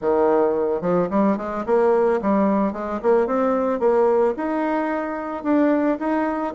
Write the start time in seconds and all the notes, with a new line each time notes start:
0.01 D#3
0.81 F3
1.10 G3
1.37 G#3
1.66 A#3
2.21 G3
2.72 G#3
3.02 A#3
3.26 C4
3.79 A#3
4.36 D#4
5.43 D4
5.99 D#4